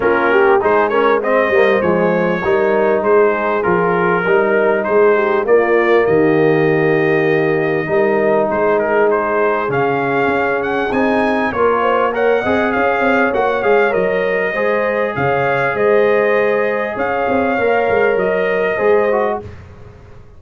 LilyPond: <<
  \new Staff \with { instrumentName = "trumpet" } { \time 4/4 \tempo 4 = 99 ais'4 c''8 cis''8 dis''4 cis''4~ | cis''4 c''4 ais'2 | c''4 d''4 dis''2~ | dis''2 c''8 ais'8 c''4 |
f''4. fis''8 gis''4 cis''4 | fis''4 f''4 fis''8 f''8 dis''4~ | dis''4 f''4 dis''2 | f''2 dis''2 | }
  \new Staff \with { instrumentName = "horn" } { \time 4/4 f'8 g'8 gis'8 ais'8 c''2 | ais'4 gis'2 ais'4 | gis'8 g'8 f'4 g'2~ | g'4 ais'4 gis'2~ |
gis'2. ais'8 c''8 | cis''8 dis''8 cis''2. | c''4 cis''4 c''2 | cis''2. c''4 | }
  \new Staff \with { instrumentName = "trombone" } { \time 4/4 cis'4 dis'8 cis'8 c'8 ais8 gis4 | dis'2 f'4 dis'4~ | dis'4 ais2.~ | ais4 dis'2. |
cis'2 dis'4 f'4 | ais'8 gis'4. fis'8 gis'8 ais'4 | gis'1~ | gis'4 ais'2 gis'8 fis'8 | }
  \new Staff \with { instrumentName = "tuba" } { \time 4/4 ais4 gis4. g8 f4 | g4 gis4 f4 g4 | gis4 ais4 dis2~ | dis4 g4 gis2 |
cis4 cis'4 c'4 ais4~ | ais8 c'8 cis'8 c'8 ais8 gis8 fis4 | gis4 cis4 gis2 | cis'8 c'8 ais8 gis8 fis4 gis4 | }
>>